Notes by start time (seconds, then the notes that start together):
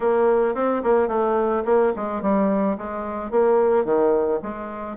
0.00 A#3
0.55 C4
0.83 A#3
1.08 A3
1.65 A#3
1.95 G#3
2.22 G3
2.77 G#3
3.30 A#3
3.84 D#3
4.42 G#3